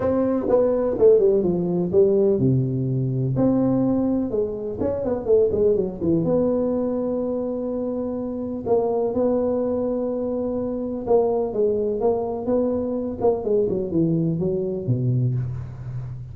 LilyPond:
\new Staff \with { instrumentName = "tuba" } { \time 4/4 \tempo 4 = 125 c'4 b4 a8 g8 f4 | g4 c2 c'4~ | c'4 gis4 cis'8 b8 a8 gis8 | fis8 e8 b2.~ |
b2 ais4 b4~ | b2. ais4 | gis4 ais4 b4. ais8 | gis8 fis8 e4 fis4 b,4 | }